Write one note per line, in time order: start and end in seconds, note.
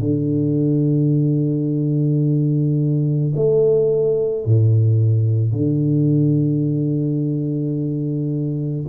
0.00 3.33 D3
3.36 4.46 A3
4.46 5.53 A2
5.53 8.86 D3